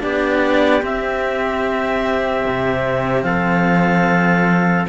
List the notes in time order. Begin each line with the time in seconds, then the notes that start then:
0.00 B3 D4 G4 D5
0.82 C4 E5
2.46 C3
3.23 F3 A4 F5